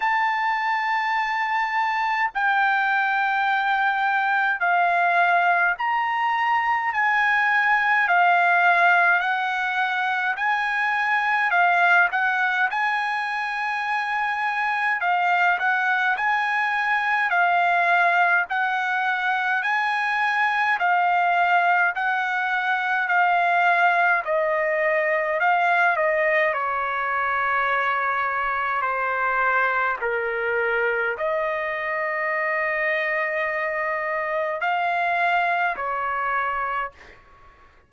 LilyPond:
\new Staff \with { instrumentName = "trumpet" } { \time 4/4 \tempo 4 = 52 a''2 g''2 | f''4 ais''4 gis''4 f''4 | fis''4 gis''4 f''8 fis''8 gis''4~ | gis''4 f''8 fis''8 gis''4 f''4 |
fis''4 gis''4 f''4 fis''4 | f''4 dis''4 f''8 dis''8 cis''4~ | cis''4 c''4 ais'4 dis''4~ | dis''2 f''4 cis''4 | }